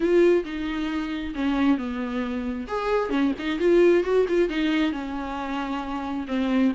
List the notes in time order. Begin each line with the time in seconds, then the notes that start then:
0.00 F4
0.44 D#4
1.34 C#4
1.77 B3
2.67 G#4
3.09 C#4
3.38 D#4
3.59 F4
4.03 F#4
4.28 F4
4.49 D#4
4.92 C#4
6.27 C4